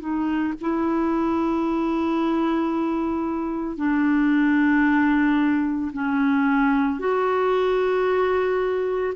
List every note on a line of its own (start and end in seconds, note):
0.00 0.54 D#4
0.61 3.77 E4
3.77 5.92 D4
5.93 6.99 C#4
6.99 9.14 F#4